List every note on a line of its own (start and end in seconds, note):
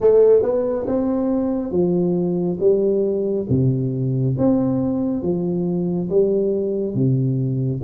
0.00 0.42 A3
0.42 0.85 B3
0.87 1.71 C4
1.71 2.58 F3
2.60 3.47 G3
3.49 4.36 C3
4.38 5.22 C4
5.22 6.09 F3
6.09 6.94 G3
6.94 7.81 C3